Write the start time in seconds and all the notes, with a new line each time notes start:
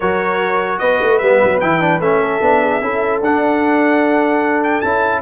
0.00 F#3 F#4 A#4 C#5
0.79 B3 B4 D#5
1.01 A3
1.18 G3 B3 E5
1.43 F#3
1.60 E3 E4 G5
1.80 D4
1.99 A3 C#4 E5
2.21 A4
2.41 B3 D4
2.61 G#4
2.81 C#4 E4 A4
3.20 D4 F#5
4.63 G5
4.80 C#4 E4 A5